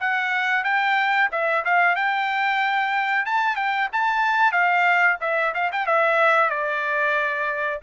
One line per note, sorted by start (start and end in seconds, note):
0.00 0.64 F#5
0.64 1.29 G5
1.32 1.64 E5
1.65 1.95 F5
1.95 3.25 G5
3.25 3.56 A5
3.56 3.88 G5
3.92 4.52 A5
4.52 5.17 F5
5.21 5.53 E5
5.54 5.71 F5
5.72 5.86 G5
5.86 6.50 E5
6.50 7.80 D5